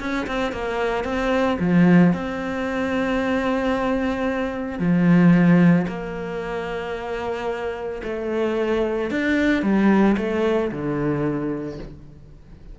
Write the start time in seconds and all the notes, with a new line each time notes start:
0.00 C#4
0.27 C4
0.53 A#3
1.05 C4
1.60 F3
2.14 C4
4.79 F3
5.88 A#3
8.04 A3
9.11 D4
9.63 G3
10.18 A3
10.72 D3